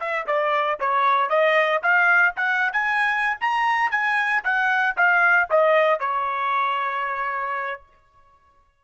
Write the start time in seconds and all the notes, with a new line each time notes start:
0.00 E5
0.27 D5
0.80 C#5
1.30 D#5
1.83 F5
2.36 F#5
2.73 G#5
3.41 A#5
3.91 G#5
4.44 F#5
4.97 F5
5.50 D#5
6.00 C#5